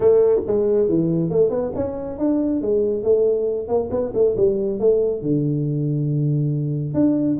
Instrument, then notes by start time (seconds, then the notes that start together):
tuba
0.00 A3
0.47 G#3
0.89 E3
1.29 A3
1.50 B3
1.75 C#4
2.18 D4
2.61 G#3
3.03 A3
3.68 A#3
3.90 B3
4.13 A3
4.36 G3
4.79 A3
5.22 D3
6.93 D4